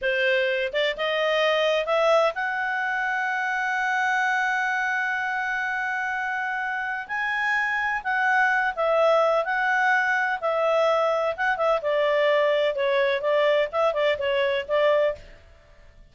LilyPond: \new Staff \with { instrumentName = "clarinet" } { \time 4/4 \tempo 4 = 127 c''4. d''8 dis''2 | e''4 fis''2.~ | fis''1~ | fis''2. gis''4~ |
gis''4 fis''4. e''4. | fis''2 e''2 | fis''8 e''8 d''2 cis''4 | d''4 e''8 d''8 cis''4 d''4 | }